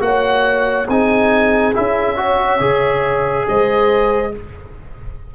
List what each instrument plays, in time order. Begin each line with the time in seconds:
0.00 tuba A#3, trombone F#4, horn C#5, oboe F#5
0.89 tuba C4, trombone D#4, horn G#4, oboe G#5
1.74 tuba C#4, trombone E4, oboe E5
2.16 trombone F#4, horn C#5
2.60 tuba C#3, trombone G#4
3.48 tuba G#3, horn C5, oboe D#5